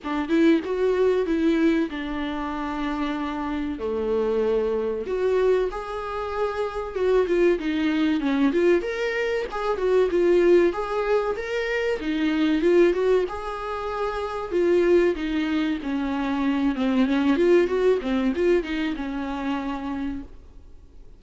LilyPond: \new Staff \with { instrumentName = "viola" } { \time 4/4 \tempo 4 = 95 d'8 e'8 fis'4 e'4 d'4~ | d'2 a2 | fis'4 gis'2 fis'8 f'8 | dis'4 cis'8 f'8 ais'4 gis'8 fis'8 |
f'4 gis'4 ais'4 dis'4 | f'8 fis'8 gis'2 f'4 | dis'4 cis'4. c'8 cis'8 f'8 | fis'8 c'8 f'8 dis'8 cis'2 | }